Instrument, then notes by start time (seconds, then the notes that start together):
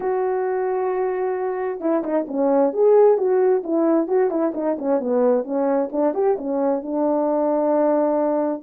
horn
0.00 F#4
1.80 E4
2.03 D#4
2.27 C#4
2.73 G#4
3.17 F#4
3.63 E4
4.07 F#4
4.30 E4
4.54 D#4
4.78 C#4
4.99 B3
5.44 C#4
5.92 D4
6.14 G4
6.38 C#4
6.82 D4